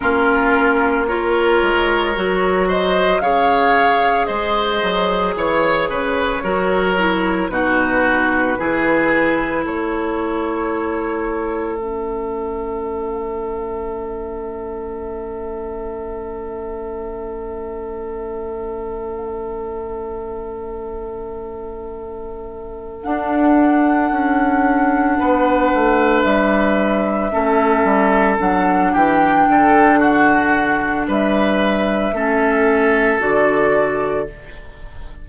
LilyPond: <<
  \new Staff \with { instrumentName = "flute" } { \time 4/4 \tempo 4 = 56 ais'4 cis''4. dis''8 f''4 | dis''4 cis''2 b'4~ | b'4 cis''2 e''4~ | e''1~ |
e''1~ | e''4. fis''2~ fis''8~ | fis''8 e''2 fis''8 g''4 | fis''4 e''2 d''4 | }
  \new Staff \with { instrumentName = "oboe" } { \time 4/4 f'4 ais'4. c''8 cis''4 | c''4 cis''8 b'8 ais'4 fis'4 | gis'4 a'2.~ | a'1~ |
a'1~ | a'2.~ a'8 b'8~ | b'4. a'4. g'8 a'8 | fis'4 b'4 a'2 | }
  \new Staff \with { instrumentName = "clarinet" } { \time 4/4 cis'4 f'4 fis'4 gis'4~ | gis'2 fis'8 e'8 dis'4 | e'2. cis'4~ | cis'1~ |
cis'1~ | cis'4. d'2~ d'8~ | d'4. cis'4 d'4.~ | d'2 cis'4 fis'4 | }
  \new Staff \with { instrumentName = "bassoon" } { \time 4/4 ais4. gis8 fis4 cis4 | gis8 fis8 e8 cis8 fis4 b,4 | e4 a2.~ | a1~ |
a1~ | a4. d'4 cis'4 b8 | a8 g4 a8 g8 fis8 e8 d8~ | d4 g4 a4 d4 | }
>>